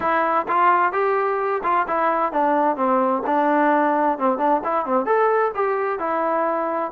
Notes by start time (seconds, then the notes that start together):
0.00 E4
0.47 F4
0.92 G4
1.63 F4
1.87 E4
2.32 D4
2.76 C4
3.26 D4
4.18 C4
4.38 D4
4.64 E4
4.85 C4
5.05 A4
5.54 G4
5.99 E4